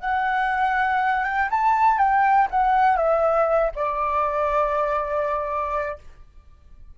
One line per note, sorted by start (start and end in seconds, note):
0.00 1.24 F#5
1.24 1.48 G5
1.50 1.98 A5
1.98 2.47 G5
2.50 2.97 F#5
2.97 3.71 E5
3.75 5.98 D5